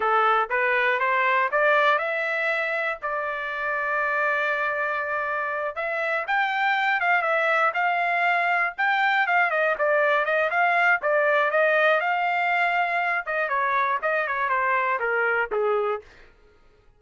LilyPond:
\new Staff \with { instrumentName = "trumpet" } { \time 4/4 \tempo 4 = 120 a'4 b'4 c''4 d''4 | e''2 d''2~ | d''2.~ d''8 e''8~ | e''8 g''4. f''8 e''4 f''8~ |
f''4. g''4 f''8 dis''8 d''8~ | d''8 dis''8 f''4 d''4 dis''4 | f''2~ f''8 dis''8 cis''4 | dis''8 cis''8 c''4 ais'4 gis'4 | }